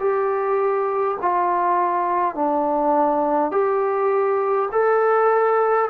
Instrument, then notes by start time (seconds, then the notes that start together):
trombone
0.00 G4
1.21 F4
2.35 D4
3.51 G4
4.72 A4